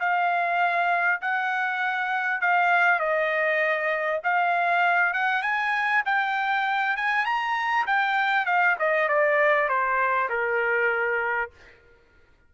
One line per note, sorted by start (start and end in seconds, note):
0.00 1.21 F5
1.21 2.41 F#5
2.41 3.00 F5
3.00 4.21 D#5
4.24 5.13 F5
5.13 5.42 F#5
5.42 6.03 G#5
6.06 6.97 G5
6.97 7.25 G#5
7.25 7.86 A#5
7.87 8.46 G5
8.46 8.77 F5
8.79 9.09 D#5
9.09 9.69 D5
9.69 10.29 C5
10.29 11.51 A#4